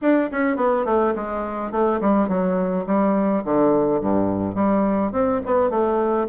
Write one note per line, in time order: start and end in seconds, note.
0.01 0.30 D4
0.31 0.56 C#4
0.56 0.85 B3
0.85 1.14 A3
1.15 1.71 G#3
1.71 2.00 A3
2.00 2.28 G3
2.28 2.85 F#3
2.86 3.43 G3
3.44 4.00 D3
4.00 4.55 G2
4.55 5.12 G3
5.12 5.40 C4
5.45 5.70 B3
5.70 6.27 A3